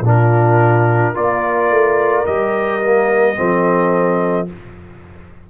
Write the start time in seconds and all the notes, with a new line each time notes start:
0.00 A#2 D4 F4
0.08 A#4
1.13 A#3 F4 A#4 D5
1.70 A3
2.25 G3 G4 D#5
2.81 A#3
3.35 F3 C4 A4